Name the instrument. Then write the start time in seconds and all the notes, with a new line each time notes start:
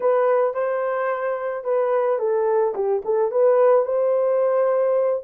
horn
0.00 B4
0.54 C5
1.64 B4
2.18 A4
2.74 G4
3.05 A4
3.31 B4
3.85 C5